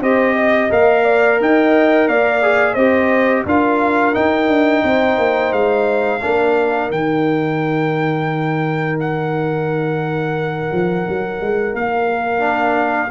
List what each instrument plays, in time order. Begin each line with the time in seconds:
0.00 tuba C4, trombone G4, horn C5, trumpet D#5
0.35 horn D#5
0.70 tuba A#3, trombone A#4, trumpet F5
1.04 horn D5
1.40 tuba D#4, horn D#5, trumpet G5
2.08 tuba A#3, horn D5, trumpet F5
2.42 trombone G#4
2.74 tuba C4, trombone G4, horn C5, trumpet D#5
3.46 tuba D4, trombone F4, horn A#4, trumpet F5
4.14 trombone D#4, tuba D#4, trumpet G5
4.48 tuba D4
4.83 tuba C4, horn C5
5.18 tuba A#3
5.52 tuba G#3, trumpet F5
6.22 tuba A#3, trombone D4, horn A#4
6.90 tuba D#3, trombone D#4, trumpet G5
9.00 trumpet F#5
10.72 tuba F3
11.08 tuba F#3
11.41 tuba G#3
11.74 tuba A#3, trumpet F5
12.39 trombone D4